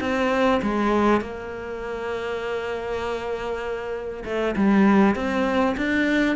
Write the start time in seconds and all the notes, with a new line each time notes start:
0.00 C4
0.62 G#3
1.20 A#3
4.25 A3
4.56 G3
5.15 C4
5.77 D4